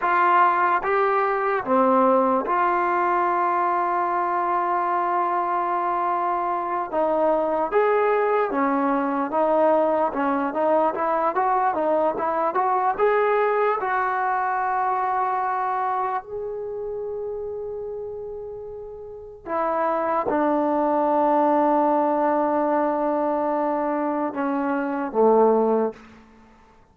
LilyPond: \new Staff \with { instrumentName = "trombone" } { \time 4/4 \tempo 4 = 74 f'4 g'4 c'4 f'4~ | f'1~ | f'8 dis'4 gis'4 cis'4 dis'8~ | dis'8 cis'8 dis'8 e'8 fis'8 dis'8 e'8 fis'8 |
gis'4 fis'2. | gis'1 | e'4 d'2.~ | d'2 cis'4 a4 | }